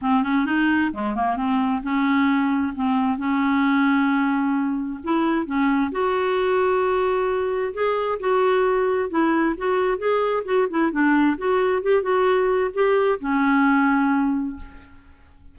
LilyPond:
\new Staff \with { instrumentName = "clarinet" } { \time 4/4 \tempo 4 = 132 c'8 cis'8 dis'4 gis8 ais8 c'4 | cis'2 c'4 cis'4~ | cis'2. e'4 | cis'4 fis'2.~ |
fis'4 gis'4 fis'2 | e'4 fis'4 gis'4 fis'8 e'8 | d'4 fis'4 g'8 fis'4. | g'4 cis'2. | }